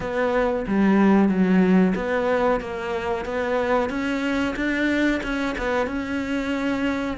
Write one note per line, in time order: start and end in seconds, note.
0.00 0.65 B3
0.67 1.29 G3
1.29 1.94 F#3
1.95 2.60 B3
2.60 3.25 A#3
3.25 3.89 B3
3.89 4.54 C#4
4.56 5.21 D4
5.23 5.55 C#4
5.58 5.87 B3
5.87 7.17 C#4